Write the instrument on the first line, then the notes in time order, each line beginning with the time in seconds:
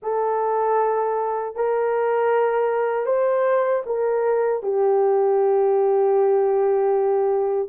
horn
0.02 A4
1.55 A#4
3.06 C5
3.86 A#4
4.63 G4